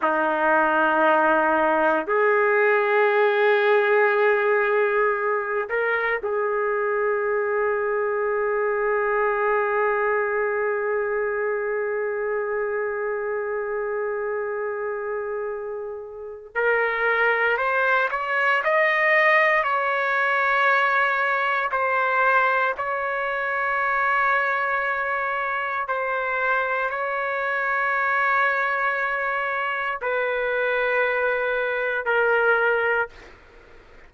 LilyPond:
\new Staff \with { instrumentName = "trumpet" } { \time 4/4 \tempo 4 = 58 dis'2 gis'2~ | gis'4. ais'8 gis'2~ | gis'1~ | gis'1 |
ais'4 c''8 cis''8 dis''4 cis''4~ | cis''4 c''4 cis''2~ | cis''4 c''4 cis''2~ | cis''4 b'2 ais'4 | }